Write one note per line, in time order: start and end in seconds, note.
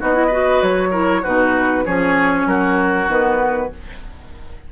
0.00 0.62 B3
0.00 0.14 D#4
0.00 0.27 F#4
0.00 0.62 D#5
0.14 0.30 E4
0.27 0.92 F#4
0.27 0.89 B4
0.62 1.24 F#3
0.62 1.24 C#5
0.91 1.23 E4
0.91 1.22 A#4
1.23 1.86 B2
1.23 1.86 D#4
1.23 1.85 F#4
1.23 1.86 B4
1.86 2.46 F3
1.86 3.08 C#4
1.86 2.48 G#4
1.86 2.48 C#5
2.46 3.08 F#3
2.46 3.73 F#4
2.46 3.10 A#4
3.08 3.70 D#3
3.08 3.70 B3
3.08 3.72 B4